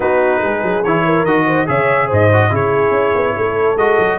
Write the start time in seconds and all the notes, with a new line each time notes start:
0.00 B3 D#4 F#4 B4
0.42 G#3 G#4
0.62 F#3
0.84 E3 E4 C#5
1.05 A#4
1.24 D#3 F#4 D#5
1.46 C5
1.66 C#3 G#4 C#5 E5
2.07 G#2 C5
2.13 D#5
2.32 F#4
2.50 C#3 E4 G#4 C#5
2.90 C#4
3.15 B3
3.36 A3 A4
3.75 G#3 F#4 D#5
3.98 F#3